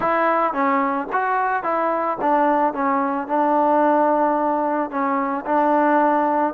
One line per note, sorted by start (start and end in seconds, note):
0.00 0.53 E4
0.53 1.07 C#4
1.12 1.63 F#4
1.63 2.17 E4
2.21 2.73 D4
2.73 3.27 C#4
3.27 4.90 D4
4.90 5.44 C#4
5.45 6.53 D4